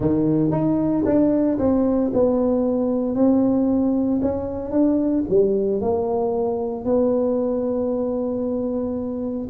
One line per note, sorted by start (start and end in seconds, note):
0.00 0.51 D#3
0.51 1.04 D#4
1.05 1.58 D4
1.58 2.11 C4
2.13 3.15 B3
3.15 4.20 C4
4.22 4.71 C#4
4.71 5.23 D4
5.28 5.80 G3
5.80 6.84 A#3
6.84 9.47 B3